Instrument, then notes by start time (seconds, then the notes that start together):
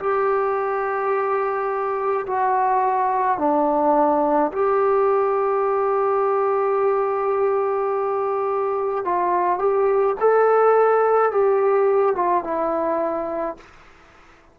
trombone
0.00 G4
2.27 F#4
3.39 D4
4.53 G4
9.05 F4
9.59 G4
10.20 A4
11.32 G4
12.16 F4
12.44 E4